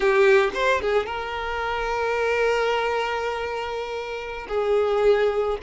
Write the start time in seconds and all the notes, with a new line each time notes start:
0.00 G4
0.53 C5
0.81 G#4
1.06 A#4
4.48 G#4